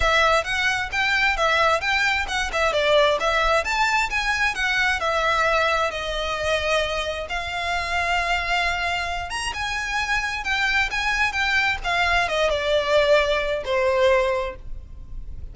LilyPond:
\new Staff \with { instrumentName = "violin" } { \time 4/4 \tempo 4 = 132 e''4 fis''4 g''4 e''4 | g''4 fis''8 e''8 d''4 e''4 | a''4 gis''4 fis''4 e''4~ | e''4 dis''2. |
f''1~ | f''8 ais''8 gis''2 g''4 | gis''4 g''4 f''4 dis''8 d''8~ | d''2 c''2 | }